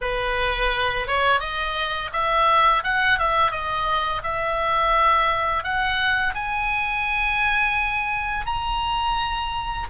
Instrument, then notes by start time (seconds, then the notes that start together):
oboe
0.01 B4
1.07 C#5
1.39 D#5
2.12 E5
2.83 F#5
3.18 E5
3.51 D#5
4.23 E5
5.63 F#5
6.34 G#5
8.45 A#5